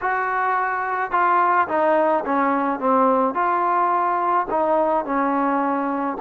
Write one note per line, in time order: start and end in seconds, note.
0.01 1.11 F#4
1.11 1.67 F4
1.67 2.24 D#4
2.25 2.79 C#4
2.79 3.34 C4
3.34 4.46 F4
4.50 5.05 D#4
5.05 6.17 C#4